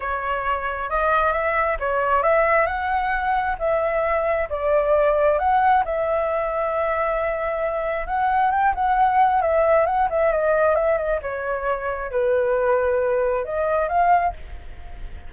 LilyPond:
\new Staff \with { instrumentName = "flute" } { \time 4/4 \tempo 4 = 134 cis''2 dis''4 e''4 | cis''4 e''4 fis''2 | e''2 d''2 | fis''4 e''2.~ |
e''2 fis''4 g''8 fis''8~ | fis''4 e''4 fis''8 e''8 dis''4 | e''8 dis''8 cis''2 b'4~ | b'2 dis''4 f''4 | }